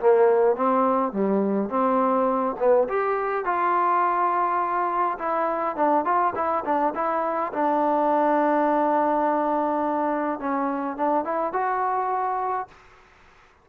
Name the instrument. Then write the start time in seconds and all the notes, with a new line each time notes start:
trombone
0.00 A#3
0.56 C4
1.12 G3
1.69 C4
2.59 B3
2.88 G4
3.45 F4
5.18 E4
5.76 D4
6.05 F4
6.35 E4
6.65 D4
6.95 E4
7.53 D4
10.40 C#4
10.97 D4
11.24 E4
11.53 F#4